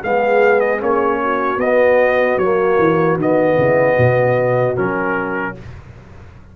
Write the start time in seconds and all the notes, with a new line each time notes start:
0.00 G#3 B3 G#4 F5
0.60 D#5
0.79 A#3 C#4 C#5
1.23 F#4
1.57 B3 D#5
2.37 F#3 A#3 C#5
2.78 E3
3.17 D#3 B3 D#5
3.56 C#3 E4
3.93 B2 F#4
4.75 F#3 C#4 A#4